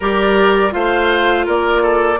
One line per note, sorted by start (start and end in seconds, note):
0.00 0.74 G3
0.00 0.70 G4
0.00 0.73 A#4
0.00 0.73 D5
0.70 1.47 A3
0.70 2.17 F4
0.70 1.45 C5
0.70 1.46 F5
1.45 2.19 A#3
1.45 1.82 A#4
1.45 2.19 D5
1.82 2.19 A4